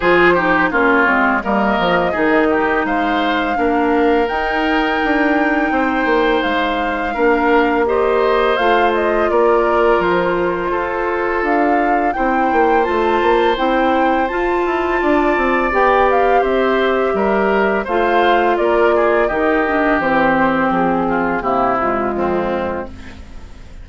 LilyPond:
<<
  \new Staff \with { instrumentName = "flute" } { \time 4/4 \tempo 4 = 84 c''4 cis''4 dis''2 | f''2 g''2~ | g''4 f''2 dis''4 | f''8 dis''8 d''4 c''2 |
f''4 g''4 a''4 g''4 | a''2 g''8 f''8 e''4~ | e''4 f''4 d''4 dis''4 | c''4 gis'4 g'8 f'4. | }
  \new Staff \with { instrumentName = "oboe" } { \time 4/4 gis'8 g'8 f'4 ais'4 gis'8 g'8 | c''4 ais'2. | c''2 ais'4 c''4~ | c''4 ais'2 a'4~ |
a'4 c''2.~ | c''4 d''2 c''4 | ais'4 c''4 ais'8 gis'8 g'4~ | g'4. f'8 e'4 c'4 | }
  \new Staff \with { instrumentName = "clarinet" } { \time 4/4 f'8 dis'8 cis'8 c'8 ais4 dis'4~ | dis'4 d'4 dis'2~ | dis'2 d'4 g'4 | f'1~ |
f'4 e'4 f'4 e'4 | f'2 g'2~ | g'4 f'2 dis'8 d'8 | c'2 ais8 gis4. | }
  \new Staff \with { instrumentName = "bassoon" } { \time 4/4 f4 ais8 gis8 g8 f8 dis4 | gis4 ais4 dis'4 d'4 | c'8 ais8 gis4 ais2 | a4 ais4 f4 f'4 |
d'4 c'8 ais8 a8 ais8 c'4 | f'8 e'8 d'8 c'8 b4 c'4 | g4 a4 ais4 dis4 | e4 f4 c4 f,4 | }
>>